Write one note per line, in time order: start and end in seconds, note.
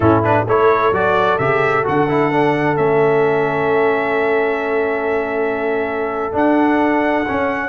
0.00 0.46 A2
0.00 0.23 C#4
0.00 0.46 E4
0.00 0.23 A4
0.23 0.46 D4
0.23 0.47 B4
0.46 0.91 A3
0.46 0.93 E4
0.46 7.69 A4
0.46 0.93 C#5
0.91 1.37 F#3
0.91 1.39 F#4
0.91 1.38 D5
1.38 1.85 C#3
1.38 1.84 G4
1.38 1.84 E5
1.84 2.77 D3
1.84 2.07 F#4
1.84 2.76 F#5
2.08 2.31 E4
2.31 2.75 D4
2.75 6.33 A3
2.75 6.32 C#4
2.75 6.34 E5
6.32 7.24 D4
6.32 7.26 D4
6.32 7.69 F#5
7.27 7.69 C#4